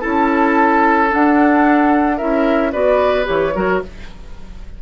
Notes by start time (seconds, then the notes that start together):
0.00 C#4 E4 A4 A5
1.09 D4 F#5
2.17 C#4 E4 A#4 E5
2.72 B3 F#4 B4 D5
3.24 E3 G4 C#5
3.55 F#3 F#4 A#4